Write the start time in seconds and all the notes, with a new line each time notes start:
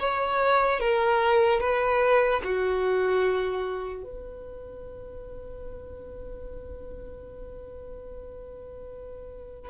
0.00 C#5
0.80 A#4
1.61 B4
2.44 F#4
4.04 B4